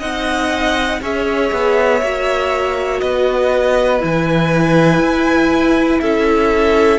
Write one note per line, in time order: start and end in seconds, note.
0.00 1.01 C4
0.00 1.01 D#4
0.00 1.00 D#5
0.00 1.01 F#5
1.02 1.52 C#4
1.02 2.02 G#4
1.02 3.02 C#5
1.02 3.00 E5
1.53 2.02 B3
2.02 3.02 A#3
2.02 4.00 F#4
3.00 4.02 B3
3.00 6.02 B4
3.00 4.00 D#5
4.00 5.00 E3
4.00 6.99 E4
4.00 6.01 G#5
5.00 6.00 E4
6.01 6.99 C#4
6.01 6.99 A4
6.01 6.99 E5